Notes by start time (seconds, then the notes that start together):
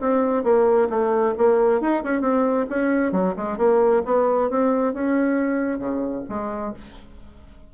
0.00 C4
0.43 A#3
0.89 A3
1.37 A#3
1.81 D#4
2.03 C#4
2.21 C4
2.69 C#4
3.11 F#3
3.36 G#3
3.57 A#3
4.05 B3
4.50 C4
4.93 C#4
5.78 C#3
6.28 G#3